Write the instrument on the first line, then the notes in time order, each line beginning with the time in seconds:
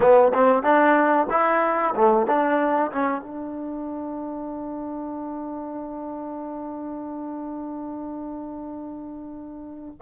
trombone
0.00 B3
0.34 C4
0.62 D4
1.29 E4
1.95 A3
2.26 D4
2.92 C#4
3.21 D4